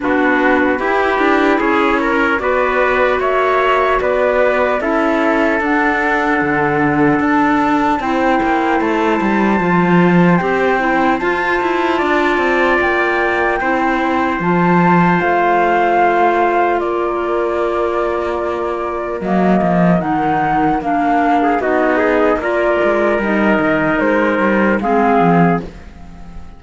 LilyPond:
<<
  \new Staff \with { instrumentName = "flute" } { \time 4/4 \tempo 4 = 75 b'2 cis''4 d''4 | e''4 d''4 e''4 fis''4~ | fis''4 a''4 g''4 a''4~ | a''4 g''4 a''2 |
g''2 a''4 f''4~ | f''4 d''2. | dis''4 fis''4 f''4 dis''4 | d''4 dis''4 c''4 f''4 | }
  \new Staff \with { instrumentName = "trumpet" } { \time 4/4 fis'4 g'4 gis'8 ais'8 b'4 | cis''4 b'4 a'2~ | a'2 c''2~ | c''2. d''4~ |
d''4 c''2.~ | c''4 ais'2.~ | ais'2~ ais'8. gis'16 fis'8 gis'8 | ais'2. gis'4 | }
  \new Staff \with { instrumentName = "clarinet" } { \time 4/4 d'4 e'2 fis'4~ | fis'2 e'4 d'4~ | d'2 e'2 | f'4 g'8 e'8 f'2~ |
f'4 e'4 f'2~ | f'1 | ais4 dis'4 d'4 dis'4 | f'4 dis'2 c'4 | }
  \new Staff \with { instrumentName = "cello" } { \time 4/4 b4 e'8 d'8 cis'4 b4 | ais4 b4 cis'4 d'4 | d4 d'4 c'8 ais8 a8 g8 | f4 c'4 f'8 e'8 d'8 c'8 |
ais4 c'4 f4 a4~ | a4 ais2. | fis8 f8 dis4 ais4 b4 | ais8 gis8 g8 dis8 gis8 g8 gis8 f8 | }
>>